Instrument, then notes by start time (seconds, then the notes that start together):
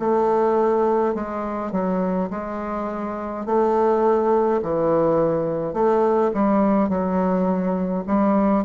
bassoon
0.00 A3
1.15 G#3
1.73 F#3
2.31 G#3
3.46 A3
4.63 E3
5.74 A3
6.34 G3
6.89 F#3
8.07 G3